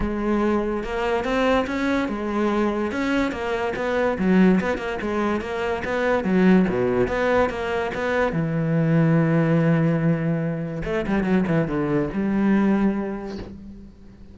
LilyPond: \new Staff \with { instrumentName = "cello" } { \time 4/4 \tempo 4 = 144 gis2 ais4 c'4 | cis'4 gis2 cis'4 | ais4 b4 fis4 b8 ais8 | gis4 ais4 b4 fis4 |
b,4 b4 ais4 b4 | e1~ | e2 a8 g8 fis8 e8 | d4 g2. | }